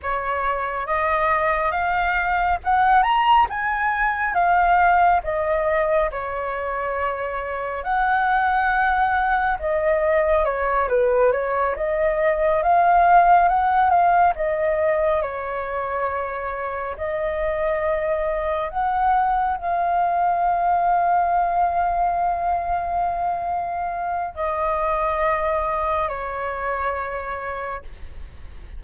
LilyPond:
\new Staff \with { instrumentName = "flute" } { \time 4/4 \tempo 4 = 69 cis''4 dis''4 f''4 fis''8 ais''8 | gis''4 f''4 dis''4 cis''4~ | cis''4 fis''2 dis''4 | cis''8 b'8 cis''8 dis''4 f''4 fis''8 |
f''8 dis''4 cis''2 dis''8~ | dis''4. fis''4 f''4.~ | f''1 | dis''2 cis''2 | }